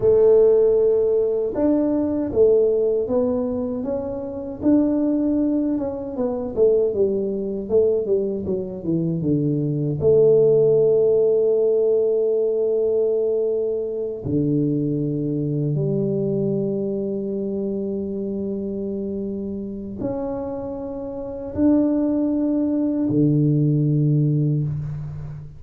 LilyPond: \new Staff \with { instrumentName = "tuba" } { \time 4/4 \tempo 4 = 78 a2 d'4 a4 | b4 cis'4 d'4. cis'8 | b8 a8 g4 a8 g8 fis8 e8 | d4 a2.~ |
a2~ a8 d4.~ | d8 g2.~ g8~ | g2 cis'2 | d'2 d2 | }